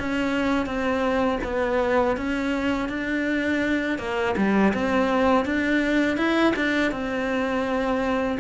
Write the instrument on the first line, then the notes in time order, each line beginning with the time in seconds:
cello
0.00 C#4
0.66 C4
1.44 B3
2.17 C#4
2.89 D4
3.99 A#3
4.37 G3
4.74 C4
5.45 D4
6.18 E4
6.57 D4
6.92 C4